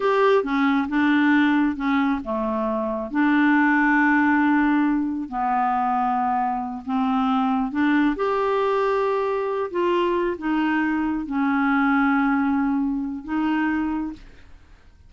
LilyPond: \new Staff \with { instrumentName = "clarinet" } { \time 4/4 \tempo 4 = 136 g'4 cis'4 d'2 | cis'4 a2 d'4~ | d'1 | b2.~ b8 c'8~ |
c'4. d'4 g'4.~ | g'2 f'4. dis'8~ | dis'4. cis'2~ cis'8~ | cis'2 dis'2 | }